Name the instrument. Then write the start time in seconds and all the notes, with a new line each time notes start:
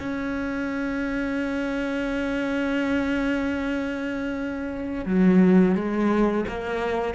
cello
0.00 C#4
5.06 F#3
5.76 G#3
6.49 A#3